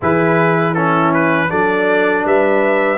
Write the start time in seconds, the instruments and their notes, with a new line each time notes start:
0.01 tuba E3, trombone E4, horn G#4, trumpet B4
0.74 trombone C#4, horn E4, trumpet A4
1.13 trumpet B4
1.48 tuba F#3, trombone D4, horn A4, trumpet D5
2.24 tuba G3, horn B4, trumpet E5